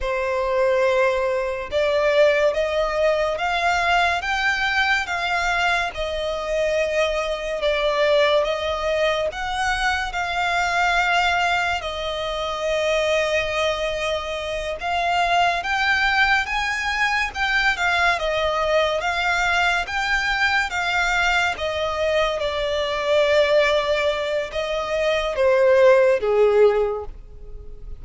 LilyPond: \new Staff \with { instrumentName = "violin" } { \time 4/4 \tempo 4 = 71 c''2 d''4 dis''4 | f''4 g''4 f''4 dis''4~ | dis''4 d''4 dis''4 fis''4 | f''2 dis''2~ |
dis''4. f''4 g''4 gis''8~ | gis''8 g''8 f''8 dis''4 f''4 g''8~ | g''8 f''4 dis''4 d''4.~ | d''4 dis''4 c''4 gis'4 | }